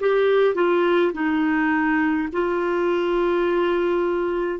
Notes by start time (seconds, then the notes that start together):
0.00 G4
0.55 F4
1.13 D#4
2.32 F4